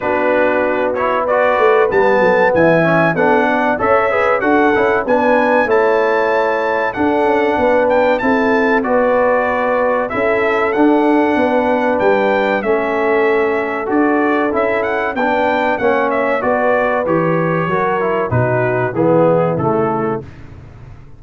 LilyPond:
<<
  \new Staff \with { instrumentName = "trumpet" } { \time 4/4 \tempo 4 = 95 b'4. cis''8 d''4 a''4 | gis''4 fis''4 e''4 fis''4 | gis''4 a''2 fis''4~ | fis''8 g''8 a''4 d''2 |
e''4 fis''2 g''4 | e''2 d''4 e''8 fis''8 | g''4 fis''8 e''8 d''4 cis''4~ | cis''4 b'4 gis'4 a'4 | }
  \new Staff \with { instrumentName = "horn" } { \time 4/4 fis'2 b'4. a'8 | e''4 a'8 d''8 cis''8 b'8 a'4 | b'4 cis''2 a'4 | b'4 a'4 b'2 |
a'2 b'2 | a'1 | b'4 cis''4 b'2 | ais'4 fis'4 e'2 | }
  \new Staff \with { instrumentName = "trombone" } { \time 4/4 d'4. e'8 fis'4 b4~ | b8 cis'8 d'4 a'8 gis'8 fis'8 e'8 | d'4 e'2 d'4~ | d'4 e'4 fis'2 |
e'4 d'2. | cis'2 fis'4 e'4 | d'4 cis'4 fis'4 g'4 | fis'8 e'8 dis'4 b4 a4 | }
  \new Staff \with { instrumentName = "tuba" } { \time 4/4 b2~ b8 a8 g8 fis8 | e4 b4 cis'4 d'8 cis'8 | b4 a2 d'8 cis'8 | b4 c'4 b2 |
cis'4 d'4 b4 g4 | a2 d'4 cis'4 | b4 ais4 b4 e4 | fis4 b,4 e4 cis4 | }
>>